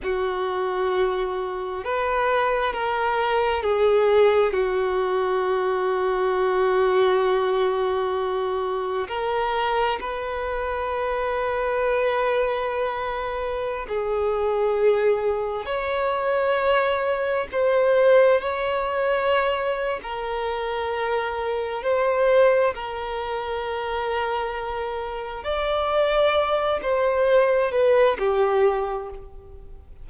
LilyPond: \new Staff \with { instrumentName = "violin" } { \time 4/4 \tempo 4 = 66 fis'2 b'4 ais'4 | gis'4 fis'2.~ | fis'2 ais'4 b'4~ | b'2.~ b'16 gis'8.~ |
gis'4~ gis'16 cis''2 c''8.~ | c''16 cis''4.~ cis''16 ais'2 | c''4 ais'2. | d''4. c''4 b'8 g'4 | }